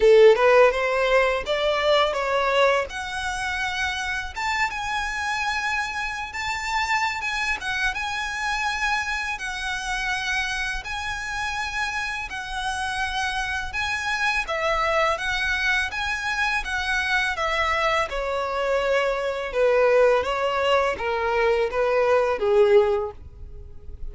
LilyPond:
\new Staff \with { instrumentName = "violin" } { \time 4/4 \tempo 4 = 83 a'8 b'8 c''4 d''4 cis''4 | fis''2 a''8 gis''4.~ | gis''8. a''4~ a''16 gis''8 fis''8 gis''4~ | gis''4 fis''2 gis''4~ |
gis''4 fis''2 gis''4 | e''4 fis''4 gis''4 fis''4 | e''4 cis''2 b'4 | cis''4 ais'4 b'4 gis'4 | }